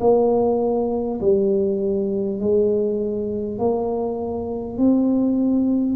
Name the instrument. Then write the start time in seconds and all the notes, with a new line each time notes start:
tuba
0.00 A#3
1.21 G3
2.39 G#3
3.59 A#3
4.78 C4